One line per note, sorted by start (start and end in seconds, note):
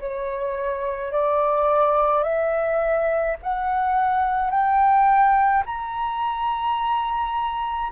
0.00 1.12 C#5
1.12 2.23 D5
2.23 3.37 E5
3.43 4.51 F#5
4.51 5.64 G5
5.66 7.92 A#5